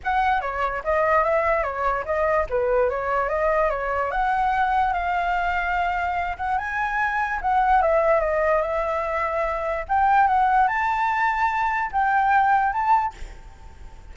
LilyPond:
\new Staff \with { instrumentName = "flute" } { \time 4/4 \tempo 4 = 146 fis''4 cis''4 dis''4 e''4 | cis''4 dis''4 b'4 cis''4 | dis''4 cis''4 fis''2 | f''2.~ f''8 fis''8 |
gis''2 fis''4 e''4 | dis''4 e''2. | g''4 fis''4 a''2~ | a''4 g''2 a''4 | }